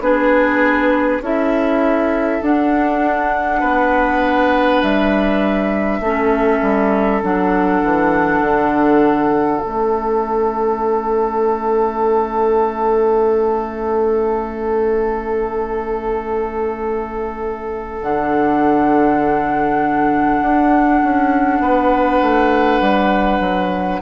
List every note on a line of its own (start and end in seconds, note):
0.00 1.20 B3
0.00 1.22 D4
0.00 1.23 G#4
0.00 1.23 B4
1.21 2.41 C#4
1.21 2.42 E4
1.21 3.60 A4
1.21 2.43 E5
2.42 3.62 D4
2.42 6.02 D4
2.42 4.83 F#5
3.60 4.82 B3
3.60 6.00 B4
4.83 6.00 G3
4.83 7.23 E5
6.00 6.60 A3
6.00 7.22 C#4
6.00 21.62 A4
6.62 7.21 G3
7.22 7.83 F#3
7.22 9.61 D4
7.22 9.61 F#5
7.83 8.41 E3
8.41 9.61 D3
9.61 18.02 A3
9.61 18.01 C#4
9.61 18.00 E5
18.02 20.41 D3
18.02 24.02 D4
18.02 24.02 F#5
20.42 21.02 D4
21.04 21.60 C#4
21.60 22.20 B3
21.60 24.02 B4
22.22 22.81 A3
22.81 23.40 G3
23.40 24.00 F#3